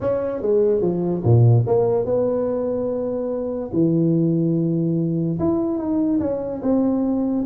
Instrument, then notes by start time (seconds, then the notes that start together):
tuba
0.00 C#4
0.41 G#3
0.81 F3
1.24 A#2
1.66 A#3
2.05 B3
3.72 E3
5.39 E4
5.78 D#4
6.20 C#4
6.62 C4